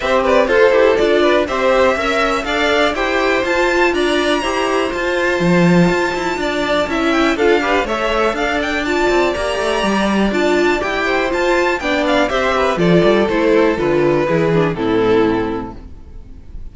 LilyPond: <<
  \new Staff \with { instrumentName = "violin" } { \time 4/4 \tempo 4 = 122 e''8 d''8 c''4 d''4 e''4~ | e''4 f''4 g''4 a''4 | ais''2 a''2~ | a''2~ a''8 g''8 f''4 |
e''4 f''8 g''8 a''4 ais''4~ | ais''4 a''4 g''4 a''4 | g''8 f''8 e''4 d''4 c''4 | b'2 a'2 | }
  \new Staff \with { instrumentName = "violin" } { \time 4/4 c''8 b'8 a'4. b'8 c''4 | e''4 d''4 c''2 | d''4 c''2.~ | c''4 d''4 e''4 a'8 b'8 |
cis''4 d''2.~ | d''2~ d''8 c''4. | d''4 c''8 b'8 a'2~ | a'4 gis'4 e'2 | }
  \new Staff \with { instrumentName = "viola" } { \time 4/4 g'4 a'8 g'8 f'4 g'4 | ais'4 a'4 g'4 f'4~ | f'4 g'4 f'2~ | f'2 e'4 f'8 g'8 |
a'2 f'4 g'4~ | g'4 f'4 g'4 f'4 | d'4 g'4 f'4 e'4 | f'4 e'8 d'8 c'2 | }
  \new Staff \with { instrumentName = "cello" } { \time 4/4 c'4 f'8 e'8 d'4 c'4 | cis'4 d'4 e'4 f'4 | d'4 e'4 f'4 f4 | f'8 e'8 d'4 cis'4 d'4 |
a4 d'4. c'8 ais8 a8 | g4 d'4 e'4 f'4 | b4 c'4 f8 g8 a4 | d4 e4 a,2 | }
>>